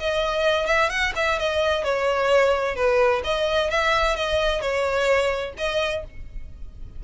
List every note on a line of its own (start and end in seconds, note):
0.00 0.67 D#5
0.67 0.90 E5
0.90 1.13 F#5
1.16 1.39 E5
1.40 1.85 D#5
1.85 2.76 C#5
2.76 3.22 B4
3.24 3.71 D#5
3.71 4.16 E5
4.16 4.61 D#5
4.61 5.54 C#5
5.58 6.04 D#5